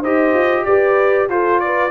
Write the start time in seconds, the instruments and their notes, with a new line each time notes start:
0.00 tuba D#4, trombone G4, horn C5, trumpet D#5
0.34 tuba F4
0.65 tuba G4, horn B4, trumpet D5
1.30 trombone F4, tuba F4, horn A4, trumpet C5
1.60 horn B4, trumpet D5